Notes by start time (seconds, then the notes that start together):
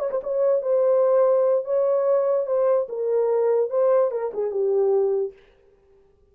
0.00 C#5
0.11 C5
0.24 C#5
0.63 C5
1.65 C#5
2.47 C5
2.89 A#4
3.71 C5
4.12 A#4
4.34 G#4
4.51 G4